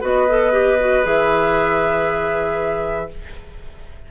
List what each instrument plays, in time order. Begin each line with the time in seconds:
0.00 bassoon B3, clarinet F#4, oboe B4, flute D#5
0.29 clarinet A4
0.52 clarinet G4
0.79 clarinet F#4
1.03 bassoon E3, clarinet G#4, flute E5